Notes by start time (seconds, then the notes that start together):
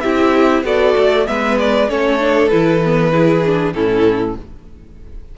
0.00 C4 E4 G4 E5
0.63 B3 F#4 A4 D5
0.97 A3
1.26 G#3 B3 B4 E5
1.58 D5
1.89 A3 C#4 A4 C#5
2.19 D4
2.49 E3 E4 B4
2.85 B3
3.12 E4 G#4
3.46 D4
3.73 A2 C#4 E4 A4